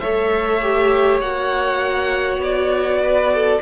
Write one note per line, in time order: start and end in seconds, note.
0.00 1.21 A3
0.00 0.61 A4
0.00 3.01 C#5
0.00 1.20 E5
0.61 1.22 G4
1.21 2.39 A#3
1.21 3.62 F#4
1.21 2.41 F#5
2.39 3.58 B3
2.39 3.62 D5
3.03 3.33 B4
3.33 3.62 A4